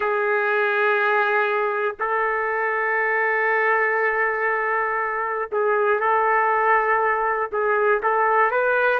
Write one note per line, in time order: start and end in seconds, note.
0.00 1.95 G#4
2.00 5.50 A4
5.52 6.00 G#4
6.00 7.50 A4
7.51 8.01 G#4
8.02 8.51 A4
8.51 8.99 B4